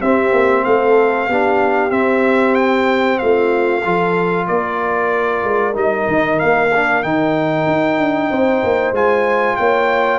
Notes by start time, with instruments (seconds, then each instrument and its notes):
0.00 tuba C4, trombone C4, horn G4, trumpet E5
0.32 tuba A#3
0.64 tuba A3, horn A4, trumpet F5
1.28 tuba B3, trombone D4, horn G4
1.90 trombone C4, tuba C4, trumpet E5
2.55 trumpet G5
3.18 tuba A3, horn F4, trumpet F5
3.84 tuba F3, trombone F4, horn A4
4.47 tuba A#3, horn A#4, trumpet D5
5.44 tuba G#3
5.74 tuba G3, trombone D#4, trumpet D#5
6.08 tuba D#3
6.39 tuba A#3, trumpet F5
6.75 trombone D4
7.03 tuba D#3, trombone D#4, trumpet G5
7.66 tuba D#4
7.98 tuba D4
8.30 tuba C4, horn C5
8.64 tuba A#3
8.92 tuba G#3, trombone F4, trumpet G#5
9.57 tuba A#3, horn C#5, trumpet G5